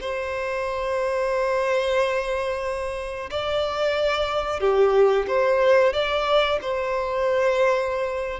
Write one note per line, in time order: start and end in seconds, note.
0.00 3.30 C5
3.30 4.59 D5
4.59 5.25 G4
5.27 5.93 C5
5.93 6.59 D5
6.61 8.40 C5